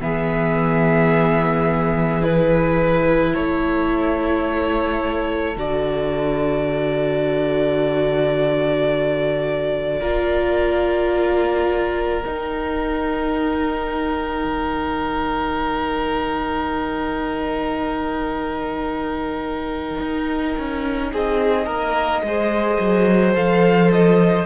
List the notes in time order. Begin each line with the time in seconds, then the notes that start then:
0.00 E3 B3 G#4 E5
2.21 E4 B4
3.34 A3 A4 C#5
5.56 D3 F#4 D5
10.00 A#3 F4 A#4
12.23 D#4 G5
14.44 D#3
20.00 D#4
20.58 C#4
21.13 C4 G#4 D#5
21.66 A#3 A#4
22.22 G#3 G#4 C5
22.80 F#3
23.34 F3 A4 F5
23.92 D#5